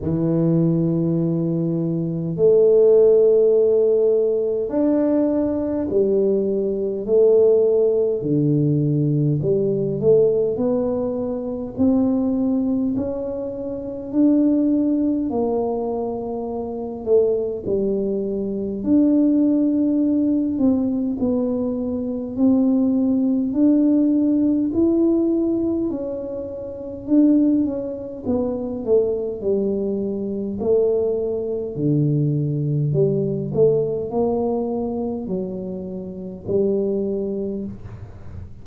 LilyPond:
\new Staff \with { instrumentName = "tuba" } { \time 4/4 \tempo 4 = 51 e2 a2 | d'4 g4 a4 d4 | g8 a8 b4 c'4 cis'4 | d'4 ais4. a8 g4 |
d'4. c'8 b4 c'4 | d'4 e'4 cis'4 d'8 cis'8 | b8 a8 g4 a4 d4 | g8 a8 ais4 fis4 g4 | }